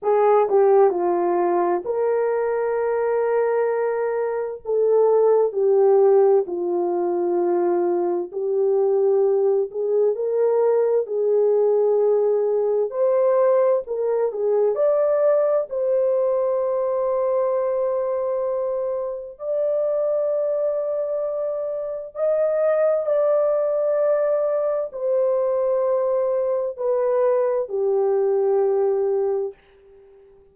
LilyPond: \new Staff \with { instrumentName = "horn" } { \time 4/4 \tempo 4 = 65 gis'8 g'8 f'4 ais'2~ | ais'4 a'4 g'4 f'4~ | f'4 g'4. gis'8 ais'4 | gis'2 c''4 ais'8 gis'8 |
d''4 c''2.~ | c''4 d''2. | dis''4 d''2 c''4~ | c''4 b'4 g'2 | }